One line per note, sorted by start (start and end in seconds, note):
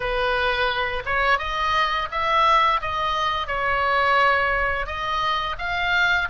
0.00 1.03 B4
1.05 1.38 C#5
1.38 2.08 D#5
2.11 2.80 E5
2.81 3.47 D#5
3.47 4.86 C#5
4.86 5.56 D#5
5.58 6.28 F5